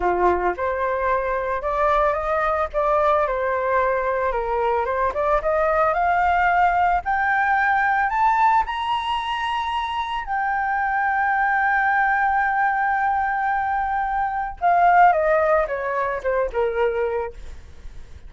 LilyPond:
\new Staff \with { instrumentName = "flute" } { \time 4/4 \tempo 4 = 111 f'4 c''2 d''4 | dis''4 d''4 c''2 | ais'4 c''8 d''8 dis''4 f''4~ | f''4 g''2 a''4 |
ais''2. g''4~ | g''1~ | g''2. f''4 | dis''4 cis''4 c''8 ais'4. | }